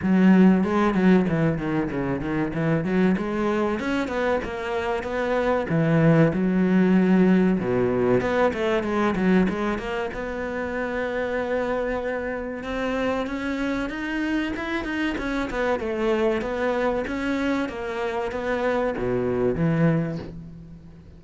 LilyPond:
\new Staff \with { instrumentName = "cello" } { \time 4/4 \tempo 4 = 95 fis4 gis8 fis8 e8 dis8 cis8 dis8 | e8 fis8 gis4 cis'8 b8 ais4 | b4 e4 fis2 | b,4 b8 a8 gis8 fis8 gis8 ais8 |
b1 | c'4 cis'4 dis'4 e'8 dis'8 | cis'8 b8 a4 b4 cis'4 | ais4 b4 b,4 e4 | }